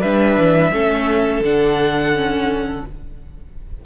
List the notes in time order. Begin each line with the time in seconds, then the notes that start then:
0.00 G3 D4 B4 E5
0.37 E3
0.72 A3 C#4 A4
1.40 D3 D4 F#5
2.14 C#4